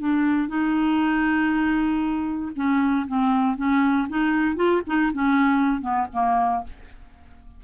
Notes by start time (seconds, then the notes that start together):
0.00 D4
0.49 D#4
2.56 C#4
3.08 C4
3.57 C#4
4.09 D#4
4.56 F4
4.87 D#4
5.13 C#4
5.81 B3
6.13 A#3